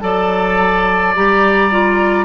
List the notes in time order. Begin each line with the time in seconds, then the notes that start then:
0.00 F#3 A4 D5 A5
1.15 G3 G4 A#5
1.71 F4